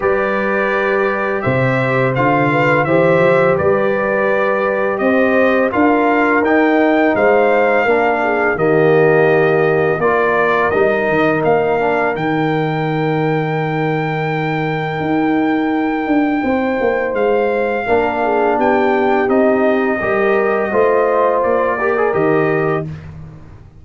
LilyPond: <<
  \new Staff \with { instrumentName = "trumpet" } { \time 4/4 \tempo 4 = 84 d''2 e''4 f''4 | e''4 d''2 dis''4 | f''4 g''4 f''2 | dis''2 d''4 dis''4 |
f''4 g''2.~ | g''1 | f''2 g''4 dis''4~ | dis''2 d''4 dis''4 | }
  \new Staff \with { instrumentName = "horn" } { \time 4/4 b'2 c''4. b'8 | c''4 b'2 c''4 | ais'2 c''4 ais'8 gis'8 | g'2 ais'2~ |
ais'1~ | ais'2. c''4~ | c''4 ais'8 gis'8 g'2 | ais'4 c''4. ais'4. | }
  \new Staff \with { instrumentName = "trombone" } { \time 4/4 g'2. f'4 | g'1 | f'4 dis'2 d'4 | ais2 f'4 dis'4~ |
dis'8 d'8 dis'2.~ | dis'1~ | dis'4 d'2 dis'4 | g'4 f'4. g'16 gis'16 g'4 | }
  \new Staff \with { instrumentName = "tuba" } { \time 4/4 g2 c4 d4 | e8 f8 g2 c'4 | d'4 dis'4 gis4 ais4 | dis2 ais4 g8 dis8 |
ais4 dis2.~ | dis4 dis'4. d'8 c'8 ais8 | gis4 ais4 b4 c'4 | g4 a4 ais4 dis4 | }
>>